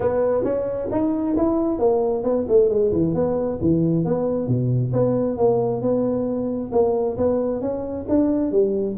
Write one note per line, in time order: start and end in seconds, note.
0.00 0.44 B3
0.44 0.88 C#4
0.91 1.36 D#4
1.37 1.78 E4
1.78 2.23 A#3
2.23 2.46 B3
2.48 2.69 A3
2.69 2.91 G#3
2.91 3.14 E3
3.14 3.59 B3
3.61 4.04 E3
4.04 4.47 B3
4.47 4.92 B2
4.93 5.37 B3
5.37 5.81 A#3
5.81 6.71 B3
6.72 7.16 A#3
7.17 7.61 B3
7.61 8.06 C#4
8.08 8.51 D4
8.51 8.96 G3